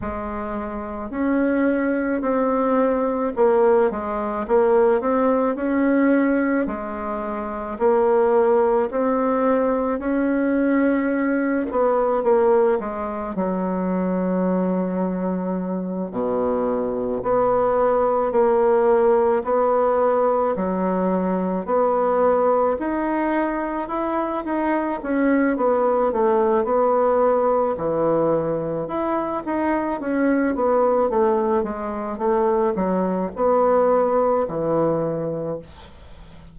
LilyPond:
\new Staff \with { instrumentName = "bassoon" } { \time 4/4 \tempo 4 = 54 gis4 cis'4 c'4 ais8 gis8 | ais8 c'8 cis'4 gis4 ais4 | c'4 cis'4. b8 ais8 gis8 | fis2~ fis8 b,4 b8~ |
b8 ais4 b4 fis4 b8~ | b8 dis'4 e'8 dis'8 cis'8 b8 a8 | b4 e4 e'8 dis'8 cis'8 b8 | a8 gis8 a8 fis8 b4 e4 | }